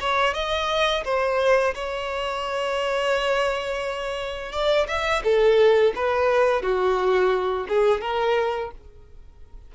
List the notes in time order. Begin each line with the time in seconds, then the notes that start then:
0.00 C#5
0.34 D#5
1.04 C5
1.74 C#5
4.52 D5
4.87 E5
5.24 A4
5.95 B4
6.62 F#4
7.68 G#4
8.01 A#4